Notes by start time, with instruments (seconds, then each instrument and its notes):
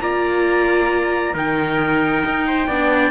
0.00 cello A#3, viola F4, trumpet D5 A#5
1.34 cello D#3, viola D#4, trumpet A#4 G5
2.25 cello D#4
2.47 trumpet C5
2.67 cello B3, viola D4, trumpet D5